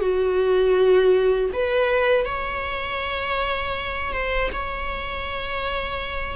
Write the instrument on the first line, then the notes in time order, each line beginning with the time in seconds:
viola
0.00 F#4
1.53 B4
2.25 C#5
4.12 C5
4.52 C#5